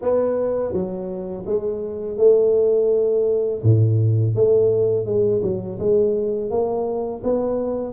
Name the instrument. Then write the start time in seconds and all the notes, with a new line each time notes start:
tuba
0.01 B3
0.72 F#3
1.46 G#3
2.17 A3
3.62 A2
4.35 A3
5.05 G#3
5.42 F#3
5.79 G#3
6.50 A#3
7.23 B3